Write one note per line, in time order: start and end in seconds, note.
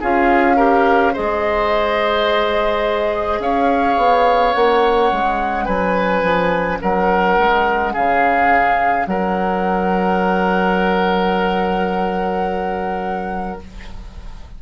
0.00 1.16 C#4
0.00 0.57 F4
0.00 0.56 G#4
0.00 1.15 F5
0.56 1.13 G4
0.56 1.13 A#4
1.13 3.39 G#3
1.13 4.54 G#4
1.13 3.39 C5
1.13 3.40 D#5
3.39 3.96 C#4
3.39 5.65 C#5
3.39 4.54 F5
3.97 4.54 B3
4.54 5.12 A#3
4.54 13.59 C#4
4.54 5.65 F#5
5.12 5.67 G#3
5.65 6.22 F#3
5.65 6.78 B4
5.65 6.79 G#5
6.22 6.79 F3
6.81 7.38 F#3
6.81 7.93 A#4
6.81 7.94 F#5
7.38 7.95 G#3
7.93 9.06 C#3
7.93 9.06 G#4
7.93 9.06 F5
9.06 13.59 F#3
9.06 13.62 A#4
9.06 13.59 F#5